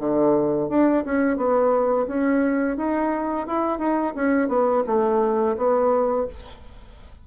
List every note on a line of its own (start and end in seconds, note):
0.00 0.69 D3
0.69 1.04 D4
1.06 1.37 C#4
1.37 2.07 B3
2.08 2.77 C#4
2.77 3.47 D#4
3.48 3.79 E4
3.79 4.14 D#4
4.16 4.49 C#4
4.49 4.84 B3
4.87 5.57 A3
5.57 6.27 B3